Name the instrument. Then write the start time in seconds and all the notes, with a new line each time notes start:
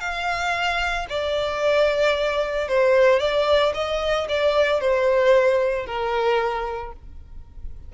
violin
0.00 F5
1.09 D5
2.68 C5
3.19 D5
3.74 D#5
4.28 D5
4.81 C5
5.86 A#4